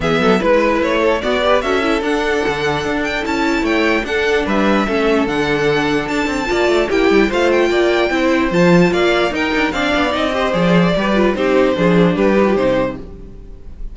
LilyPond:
<<
  \new Staff \with { instrumentName = "violin" } { \time 4/4 \tempo 4 = 148 e''4 b'4 cis''4 d''4 | e''4 fis''2~ fis''8 g''8 | a''4 g''4 fis''4 e''4~ | e''4 fis''2 a''4~ |
a''4 g''4 f''8 g''4.~ | g''4 a''4 f''4 g''4 | f''4 dis''4 d''2 | c''2 b'4 c''4 | }
  \new Staff \with { instrumentName = "violin" } { \time 4/4 gis'8 a'8 b'4. a'8 fis'8 b'8 | a'1~ | a'4 cis''4 a'4 b'4 | a'1 |
d''4 g'4 c''4 d''4 | c''2 d''4 ais'4 | d''4. c''4. b'4 | g'4 gis'4 g'2 | }
  \new Staff \with { instrumentName = "viola" } { \time 4/4 b4 e'2 b8 g'8 | fis'8 e'8 d'2. | e'2 d'2 | cis'4 d'2. |
f'4 e'4 f'2 | e'4 f'2 dis'4 | d'4 dis'8 g'8 gis'4 g'8 f'8 | dis'4 d'4. dis'16 f'16 dis'4 | }
  \new Staff \with { instrumentName = "cello" } { \time 4/4 e8 fis8 gis4 a4 b4 | cis'4 d'4 d4 d'4 | cis'4 a4 d'4 g4 | a4 d2 d'8 c'8 |
ais8 a8 ais8 g8 a4 ais4 | c'4 f4 ais4 dis'8 d'8 | c'8 b8 c'4 f4 g4 | c'4 f4 g4 c4 | }
>>